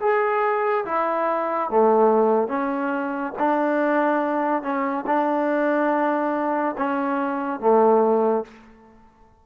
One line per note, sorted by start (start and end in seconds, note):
0.00 0.85 G#4
0.85 1.69 E4
1.70 2.48 A3
2.48 3.32 C#4
3.39 4.62 D4
4.62 5.04 C#4
5.06 6.75 D4
6.78 7.60 C#4
7.60 8.44 A3